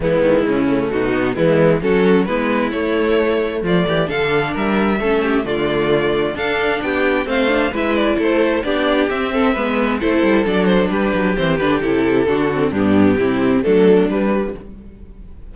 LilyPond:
<<
  \new Staff \with { instrumentName = "violin" } { \time 4/4 \tempo 4 = 132 e'2 fis'4 e'4 | a'4 b'4 cis''2 | d''4 f''4 e''2 | d''2 f''4 g''4 |
f''4 e''8 d''8 c''4 d''4 | e''2 c''4 d''8 c''8 | b'4 c''8 b'8 a'2 | g'2 a'4 b'4 | }
  \new Staff \with { instrumentName = "violin" } { \time 4/4 b4 cis'4 dis'4 b4 | fis'4 e'2. | f'8 g'8 a'4 ais'4 a'8 g'8 | f'2 a'4 g'4 |
c''4 b'4 a'4 g'4~ | g'8 a'8 b'4 a'2 | g'2. fis'4 | d'4 e'4 d'2 | }
  \new Staff \with { instrumentName = "viola" } { \time 4/4 gis4. a4 b8 gis4 | cis'4 b4 a2~ | a4 d'2 cis'4 | a2 d'2 |
c'8 d'8 e'2 d'4 | c'4 b4 e'4 d'4~ | d'4 c'8 d'8 e'4 d'8 c'8 | b4 c'4 a4 g4 | }
  \new Staff \with { instrumentName = "cello" } { \time 4/4 e8 dis8 cis4 b,4 e4 | fis4 gis4 a2 | f8 e8 d4 g4 a4 | d2 d'4 b4 |
a4 gis4 a4 b4 | c'4 gis4 a8 g8 fis4 | g8 fis8 e8 d8 c4 d4 | g,4 c4 fis4 g4 | }
>>